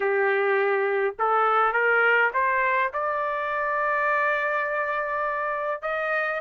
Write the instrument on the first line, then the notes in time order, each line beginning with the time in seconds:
trumpet
0.00 G4
1.18 A4
1.73 A#4
2.33 C5
2.93 D5
5.81 D#5